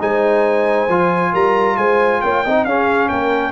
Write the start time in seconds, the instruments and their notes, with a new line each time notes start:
0.00 tuba G#3, trombone D#4, horn C5, trumpet G#5
0.89 tuba F3, trombone F4
1.33 tuba G3, horn A#4, trumpet A#5
1.78 tuba G#3, horn C5, trumpet G#5
2.22 tuba A#3, horn C#5, trumpet G5
2.45 tuba C4, trombone D#4, horn D#5
2.65 tuba C#4, trombone C#4, horn G#4, trumpet F5
3.09 tuba A#3, horn A#4, trumpet G5